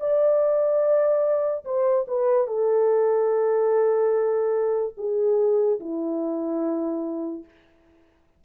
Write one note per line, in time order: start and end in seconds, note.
0.00 1.64 D5
1.65 2.06 C5
2.07 2.47 B4
2.47 4.94 A4
4.97 5.79 G#4
5.80 7.44 E4